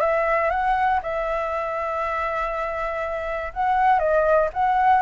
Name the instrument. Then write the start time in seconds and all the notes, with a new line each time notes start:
flute
0.00 E5
0.50 F#5
1.02 E5
3.53 F#5
3.99 D#5
4.53 F#5